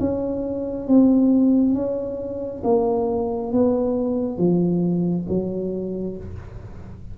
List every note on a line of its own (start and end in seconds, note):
0.00 0.88 C#4
0.88 1.74 C4
1.74 2.62 C#4
2.64 3.53 A#3
3.53 4.38 B3
4.38 5.27 F3
5.29 6.17 F#3